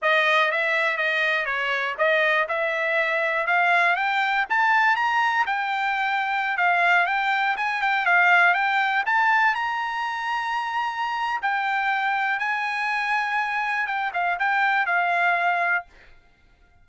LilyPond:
\new Staff \with { instrumentName = "trumpet" } { \time 4/4 \tempo 4 = 121 dis''4 e''4 dis''4 cis''4 | dis''4 e''2 f''4 | g''4 a''4 ais''4 g''4~ | g''4~ g''16 f''4 g''4 gis''8 g''16~ |
g''16 f''4 g''4 a''4 ais''8.~ | ais''2. g''4~ | g''4 gis''2. | g''8 f''8 g''4 f''2 | }